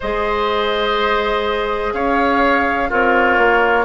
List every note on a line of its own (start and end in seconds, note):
0.00 1.93 G#3
0.00 2.90 G#4
0.00 1.93 C5
0.00 1.93 D#5
1.93 2.90 C#4
1.93 2.89 C#5
1.93 2.90 F5
2.89 3.37 C4
2.89 3.85 F4
2.89 3.85 A#4
2.89 3.85 C#5
3.37 3.85 A#3